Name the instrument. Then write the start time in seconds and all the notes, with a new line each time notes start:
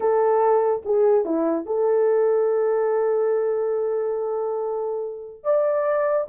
horn
0.00 A4
0.85 G#4
1.25 E4
1.66 A4
5.43 D5